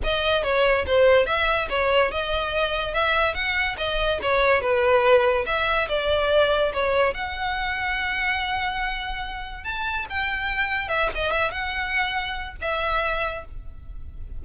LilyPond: \new Staff \with { instrumentName = "violin" } { \time 4/4 \tempo 4 = 143 dis''4 cis''4 c''4 e''4 | cis''4 dis''2 e''4 | fis''4 dis''4 cis''4 b'4~ | b'4 e''4 d''2 |
cis''4 fis''2.~ | fis''2. a''4 | g''2 e''8 dis''8 e''8 fis''8~ | fis''2 e''2 | }